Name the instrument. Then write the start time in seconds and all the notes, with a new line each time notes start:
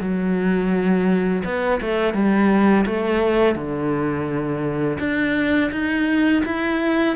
cello
0.00 F#3
1.44 B3
1.81 A3
2.13 G3
2.86 A3
3.55 D3
4.99 D4
5.71 D#4
6.45 E4